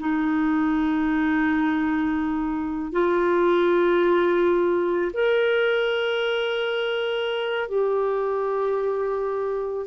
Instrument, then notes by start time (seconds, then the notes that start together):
clarinet
0.00 D#4
2.92 F4
5.14 A#4
7.69 G4